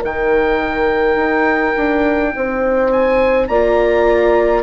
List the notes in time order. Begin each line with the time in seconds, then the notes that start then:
0.00 D#3 D#4 A#4 G5
1.16 D#4
1.76 D4
2.35 C4 C5
2.91 G#5
3.48 A#3 F4 D5 A#5